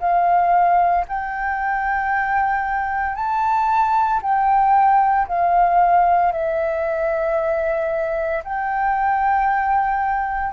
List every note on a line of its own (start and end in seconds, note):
0.00 1.05 F5
1.08 3.16 G5
3.16 4.21 A5
4.22 5.27 G5
5.28 6.33 F5
6.33 8.43 E5
8.44 10.53 G5